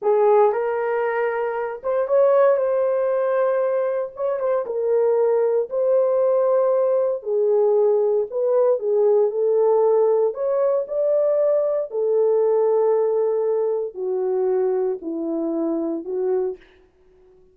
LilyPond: \new Staff \with { instrumentName = "horn" } { \time 4/4 \tempo 4 = 116 gis'4 ais'2~ ais'8 c''8 | cis''4 c''2. | cis''8 c''8 ais'2 c''4~ | c''2 gis'2 |
b'4 gis'4 a'2 | cis''4 d''2 a'4~ | a'2. fis'4~ | fis'4 e'2 fis'4 | }